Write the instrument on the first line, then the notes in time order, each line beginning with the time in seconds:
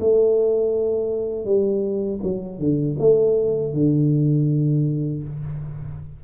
tuba
0.00 A3
1.45 G3
2.23 F#3
2.59 D3
2.99 A3
3.73 D3